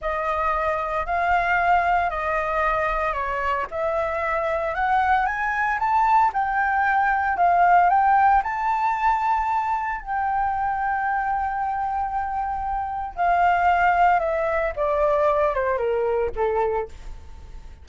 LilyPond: \new Staff \with { instrumentName = "flute" } { \time 4/4 \tempo 4 = 114 dis''2 f''2 | dis''2 cis''4 e''4~ | e''4 fis''4 gis''4 a''4 | g''2 f''4 g''4 |
a''2. g''4~ | g''1~ | g''4 f''2 e''4 | d''4. c''8 ais'4 a'4 | }